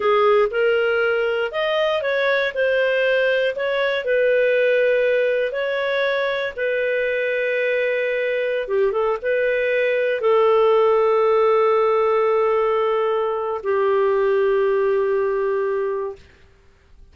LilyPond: \new Staff \with { instrumentName = "clarinet" } { \time 4/4 \tempo 4 = 119 gis'4 ais'2 dis''4 | cis''4 c''2 cis''4 | b'2. cis''4~ | cis''4 b'2.~ |
b'4~ b'16 g'8 a'8 b'4.~ b'16~ | b'16 a'2.~ a'8.~ | a'2. g'4~ | g'1 | }